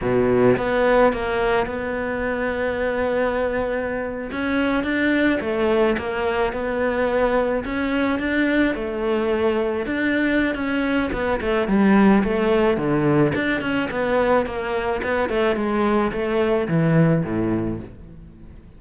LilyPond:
\new Staff \with { instrumentName = "cello" } { \time 4/4 \tempo 4 = 108 b,4 b4 ais4 b4~ | b2.~ b8. cis'16~ | cis'8. d'4 a4 ais4 b16~ | b4.~ b16 cis'4 d'4 a16~ |
a4.~ a16 d'4~ d'16 cis'4 | b8 a8 g4 a4 d4 | d'8 cis'8 b4 ais4 b8 a8 | gis4 a4 e4 a,4 | }